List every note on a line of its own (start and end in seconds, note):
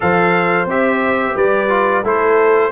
0.00 0.65 F3
0.00 0.66 A4
0.00 1.35 C5
0.00 0.68 F5
0.65 1.34 C4
0.65 1.69 G4
0.65 1.37 E5
1.35 2.03 G3
1.35 2.02 B4
1.35 2.05 D5
1.69 2.03 F4
2.02 2.71 A3
2.02 2.71 E4
2.02 2.71 A4
2.02 2.71 C5